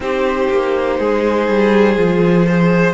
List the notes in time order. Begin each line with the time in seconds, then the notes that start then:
0.00 C4 D#4 G4 C5
0.50 A#3
0.99 G#3 G#4
1.48 G3
1.96 F3 F4
2.46 G#4 C5